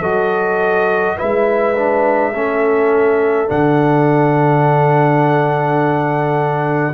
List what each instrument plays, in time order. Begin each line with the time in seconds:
0.00 tuba F#3, trombone F#4, horn A4, trumpet D#5
1.17 tuba G#3, trombone E4, horn B4, trumpet E5
1.75 trombone D4
2.32 tuba A3, trombone C#4, horn A4
3.47 tuba D3, trombone D4, trumpet F#5